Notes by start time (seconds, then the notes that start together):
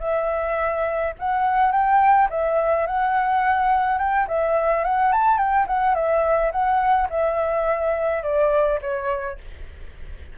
0.00 E5
1.19 F#5
1.72 G5
2.30 E5
2.87 F#5
3.98 G5
4.28 E5
4.84 F#5
5.12 A5
5.38 G5
5.67 F#5
5.95 E5
6.52 F#5
7.10 E5
8.23 D5
8.81 C#5